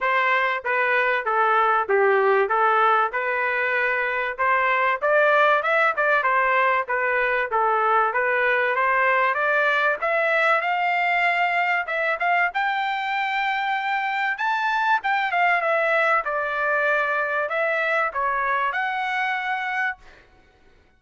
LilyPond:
\new Staff \with { instrumentName = "trumpet" } { \time 4/4 \tempo 4 = 96 c''4 b'4 a'4 g'4 | a'4 b'2 c''4 | d''4 e''8 d''8 c''4 b'4 | a'4 b'4 c''4 d''4 |
e''4 f''2 e''8 f''8 | g''2. a''4 | g''8 f''8 e''4 d''2 | e''4 cis''4 fis''2 | }